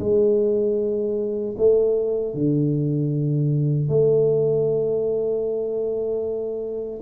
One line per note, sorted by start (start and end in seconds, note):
0.00 1.56 G#3
1.58 2.34 A3
2.34 3.89 D3
3.89 7.01 A3